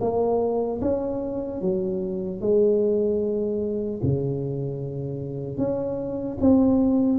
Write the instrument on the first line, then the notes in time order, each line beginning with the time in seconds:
tuba
0.00 A#3
0.81 C#4
1.61 F#3
2.40 G#3
4.02 C#3
5.57 C#4
6.40 C4